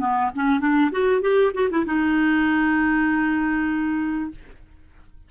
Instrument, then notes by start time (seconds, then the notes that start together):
clarinet
0.00 B3
0.35 C#4
0.60 D4
0.92 F#4
1.21 G4
1.54 F#4
1.70 E4
1.86 D#4